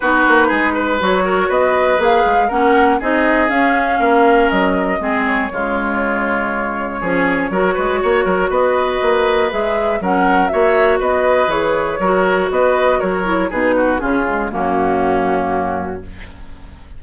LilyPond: <<
  \new Staff \with { instrumentName = "flute" } { \time 4/4 \tempo 4 = 120 b'2 cis''4 dis''4 | f''4 fis''4 dis''4 f''4~ | f''4 dis''4. cis''4.~ | cis''1~ |
cis''4 dis''2 e''4 | fis''4 e''4 dis''4 cis''4~ | cis''4 dis''4 cis''4 b'4 | gis'4 fis'2. | }
  \new Staff \with { instrumentName = "oboe" } { \time 4/4 fis'4 gis'8 b'4 ais'8 b'4~ | b'4 ais'4 gis'2 | ais'2 gis'4 f'4~ | f'2 gis'4 ais'8 b'8 |
cis''8 ais'8 b'2. | ais'4 cis''4 b'2 | ais'4 b'4 ais'4 gis'8 fis'8 | f'4 cis'2. | }
  \new Staff \with { instrumentName = "clarinet" } { \time 4/4 dis'2 fis'2 | gis'4 cis'4 dis'4 cis'4~ | cis'2 c'4 gis4~ | gis2 cis'4 fis'4~ |
fis'2. gis'4 | cis'4 fis'2 gis'4 | fis'2~ fis'8 e'8 dis'4 | cis'8 gis8 ais2. | }
  \new Staff \with { instrumentName = "bassoon" } { \time 4/4 b8 ais8 gis4 fis4 b4 | ais8 gis8 ais4 c'4 cis'4 | ais4 fis4 gis4 cis4~ | cis2 f4 fis8 gis8 |
ais8 fis8 b4 ais4 gis4 | fis4 ais4 b4 e4 | fis4 b4 fis4 b,4 | cis4 fis,2. | }
>>